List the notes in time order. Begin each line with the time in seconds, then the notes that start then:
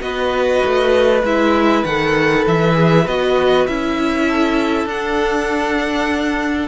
0.00 B3 F#4 B4 D#5
0.65 A3
1.23 G#3 E4 E5
1.84 D#3 A4 F#5
2.47 E3 E5
2.73 G#4
3.07 B3 F#4 D#5
3.66 C#4 E4 E5
4.26 A4
4.85 D4 F#5